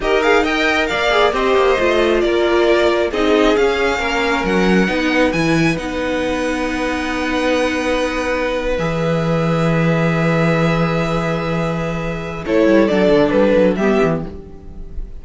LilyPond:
<<
  \new Staff \with { instrumentName = "violin" } { \time 4/4 \tempo 4 = 135 dis''8 f''8 g''4 f''4 dis''4~ | dis''4 d''2 dis''4 | f''2 fis''2 | gis''4 fis''2.~ |
fis''2.~ fis''8. e''16~ | e''1~ | e''1 | cis''4 d''4 b'4 e''4 | }
  \new Staff \with { instrumentName = "violin" } { \time 4/4 ais'4 dis''4 d''4 c''4~ | c''4 ais'2 gis'4~ | gis'4 ais'2 b'4~ | b'1~ |
b'1~ | b'1~ | b'1 | a'2. g'4 | }
  \new Staff \with { instrumentName = "viola" } { \time 4/4 g'8 gis'8 ais'4. gis'8 g'4 | f'2. dis'4 | cis'2. dis'4 | e'4 dis'2.~ |
dis'2.~ dis'8. gis'16~ | gis'1~ | gis'1 | e'4 d'2 b4 | }
  \new Staff \with { instrumentName = "cello" } { \time 4/4 dis'2 ais4 c'8 ais8 | a4 ais2 c'4 | cis'4 ais4 fis4 b4 | e4 b2.~ |
b2.~ b8. e16~ | e1~ | e1 | a8 g8 fis8 d8 g8 fis8 g8 e8 | }
>>